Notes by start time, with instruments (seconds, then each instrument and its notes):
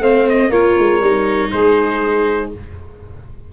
0.00 tuba A3, viola C4, saxophone C5, trumpet F5
0.29 trumpet D#5
0.50 tuba A#3, viola F4, saxophone A#4, trumpet C#5
0.79 tuba G#3
1.01 tuba G3, viola D#4
1.52 tuba G#3, saxophone G#4, trumpet C5